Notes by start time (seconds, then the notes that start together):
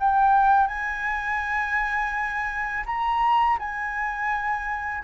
0.00 G5
0.68 G#5
2.86 A#5
3.59 G#5